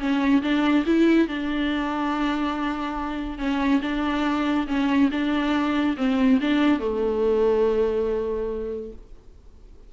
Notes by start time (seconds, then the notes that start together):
0.00 C#4
0.43 D4
0.86 E4
1.28 D4
3.39 C#4
3.82 D4
4.68 C#4
5.12 D4
5.97 C4
6.42 D4
6.80 A3